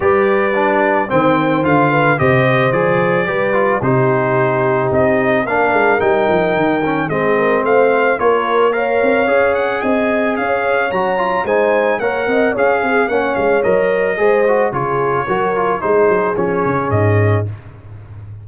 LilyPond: <<
  \new Staff \with { instrumentName = "trumpet" } { \time 4/4 \tempo 4 = 110 d''2 g''4 f''4 | dis''4 d''2 c''4~ | c''4 dis''4 f''4 g''4~ | g''4 dis''4 f''4 cis''4 |
f''4. fis''8 gis''4 f''4 | ais''4 gis''4 fis''4 f''4 | fis''8 f''8 dis''2 cis''4~ | cis''4 c''4 cis''4 dis''4 | }
  \new Staff \with { instrumentName = "horn" } { \time 4/4 b'2 c''4. b'8 | c''2 b'4 g'4~ | g'2 ais'2~ | ais'4 gis'8 ais'8 c''4 ais'4 |
cis''2 dis''4 cis''4~ | cis''4 c''4 cis''8 dis''8 cis''8 gis'8 | cis''2 c''4 gis'4 | ais'4 gis'2. | }
  \new Staff \with { instrumentName = "trombone" } { \time 4/4 g'4 d'4 c'4 f'4 | g'4 gis'4 g'8 f'8 dis'4~ | dis'2 d'4 dis'4~ | dis'8 cis'8 c'2 f'4 |
ais'4 gis'2. | fis'8 f'8 dis'4 ais'4 gis'4 | cis'4 ais'4 gis'8 fis'8 f'4 | fis'8 f'8 dis'4 cis'2 | }
  \new Staff \with { instrumentName = "tuba" } { \time 4/4 g2 dis4 d4 | c4 f4 g4 c4~ | c4 c'4 ais8 gis8 g8 f8 | dis4 gis4 a4 ais4~ |
ais8 c'8 cis'4 c'4 cis'4 | fis4 gis4 ais8 c'8 cis'8 c'8 | ais8 gis8 fis4 gis4 cis4 | fis4 gis8 fis8 f8 cis8 gis,4 | }
>>